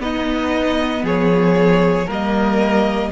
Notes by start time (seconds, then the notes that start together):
0.00 B3 D#4 D#5
1.03 F3 G#4 C#5
2.07 G3 A#3 A#4 D#5